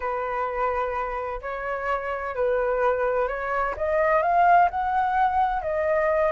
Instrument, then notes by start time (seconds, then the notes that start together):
flute
0.00 B4
1.41 C#5
2.35 B4
3.28 C#5
3.76 D#5
4.22 F5
4.70 F#5
5.61 D#5